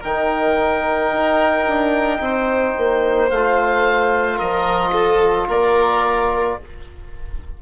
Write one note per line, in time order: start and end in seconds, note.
0.00 1.12 D#3
0.00 3.30 D#4
0.00 2.18 A#4
0.00 3.30 G5
1.12 1.66 D#4
1.67 2.20 D4
2.20 2.74 C4
2.20 4.36 C5
2.77 3.31 A#3
3.30 4.40 A3
3.30 6.62 F4
3.30 4.38 F5
4.36 5.48 F3
4.36 4.91 A#4
4.36 5.47 D#5
4.92 5.47 A4
5.47 6.57 A#3
5.47 6.56 A#4
5.47 6.59 D5